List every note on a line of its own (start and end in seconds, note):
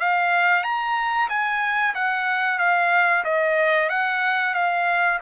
0.00 0.64 F5
0.64 1.29 A#5
1.29 1.94 G#5
1.95 2.59 F#5
2.59 3.24 F5
3.24 3.90 D#5
3.90 4.54 F#5
4.54 5.20 F5